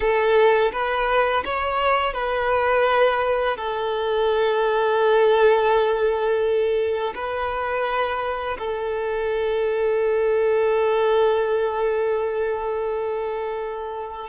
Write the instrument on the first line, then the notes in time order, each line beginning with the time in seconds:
violin
0.00 A4
0.72 B4
1.44 C#5
2.13 B4
3.56 A4
7.14 B4
8.58 A4